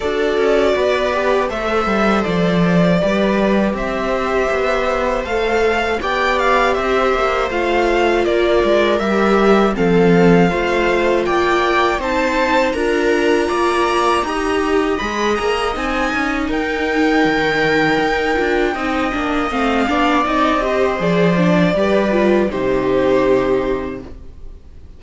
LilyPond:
<<
  \new Staff \with { instrumentName = "violin" } { \time 4/4 \tempo 4 = 80 d''2 e''4 d''4~ | d''4 e''2 f''4 | g''8 f''8 e''4 f''4 d''4 | e''4 f''2 g''4 |
a''4 ais''2. | b''8 ais''8 gis''4 g''2~ | g''2 f''4 dis''4 | d''2 c''2 | }
  \new Staff \with { instrumentName = "viola" } { \time 4/4 a'4 b'4 c''2 | b'4 c''2. | d''4 c''2 ais'4~ | ais'4 a'4 c''4 d''4 |
c''4 ais'4 d''4 dis''4~ | dis''2 ais'2~ | ais'4 dis''4. d''4 c''8~ | c''4 b'4 g'2 | }
  \new Staff \with { instrumentName = "viola" } { \time 4/4 fis'4. g'8 a'2 | g'2. a'4 | g'2 f'2 | g'4 c'4 f'2 |
dis'4 f'2 g'4 | gis'4 dis'2.~ | dis'8 f'8 dis'8 d'8 c'8 d'8 dis'8 g'8 | gis'8 d'8 g'8 f'8 dis'2 | }
  \new Staff \with { instrumentName = "cello" } { \time 4/4 d'8 cis'8 b4 a8 g8 f4 | g4 c'4 b4 a4 | b4 c'8 ais8 a4 ais8 gis8 | g4 f4 a4 ais4 |
c'4 d'4 ais4 dis'4 | gis8 ais8 c'8 cis'8 dis'4 dis4 | dis'8 d'8 c'8 ais8 a8 b8 c'4 | f4 g4 c2 | }
>>